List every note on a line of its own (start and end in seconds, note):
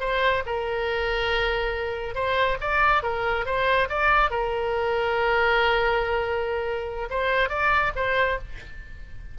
0.00 0.43 C5
0.46 2.15 A#4
2.15 2.58 C5
2.61 3.03 D5
3.03 3.45 A#4
3.45 3.88 C5
3.89 4.30 D5
4.30 7.09 A#4
7.10 7.49 C5
7.49 7.92 D5
7.95 8.38 C5